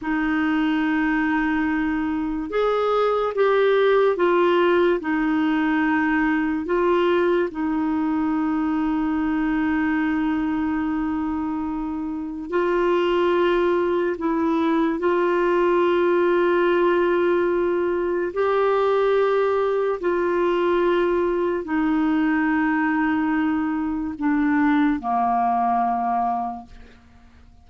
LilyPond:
\new Staff \with { instrumentName = "clarinet" } { \time 4/4 \tempo 4 = 72 dis'2. gis'4 | g'4 f'4 dis'2 | f'4 dis'2.~ | dis'2. f'4~ |
f'4 e'4 f'2~ | f'2 g'2 | f'2 dis'2~ | dis'4 d'4 ais2 | }